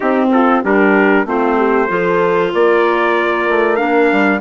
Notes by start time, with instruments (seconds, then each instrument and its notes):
0.00 clarinet C4, bassoon C4, horn D#4, trumpet G4
0.31 horn F4, trumpet A4
0.63 bassoon G3, clarinet D4, horn G4, trumpet A#4
1.25 bassoon A3, clarinet C4, horn F4, trumpet C5
1.57 horn G4
1.87 bassoon F3, clarinet F4, horn A4
2.53 bassoon A#3, horn A#4, trumpet D5
3.49 bassoon A3
3.76 bassoon A#3, clarinet D4, trumpet F5
4.12 bassoon G3